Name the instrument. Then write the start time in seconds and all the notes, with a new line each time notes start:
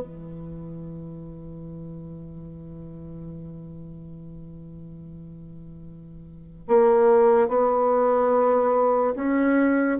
bassoon
0.00 E3
6.68 A#3
7.48 B3
9.16 C#4